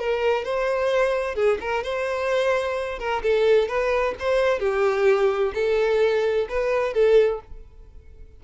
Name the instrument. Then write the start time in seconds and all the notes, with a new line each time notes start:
violin
0.00 A#4
0.45 C5
1.35 G#4
1.61 A#4
1.84 C5
3.00 A#4
3.23 A4
3.69 B4
4.20 C5
4.60 G4
5.55 A4
6.50 B4
6.94 A4